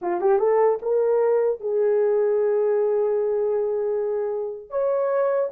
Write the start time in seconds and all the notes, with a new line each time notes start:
0.01 F4
0.20 G4
0.39 A4
0.81 A#4
1.60 G#4
4.70 C#5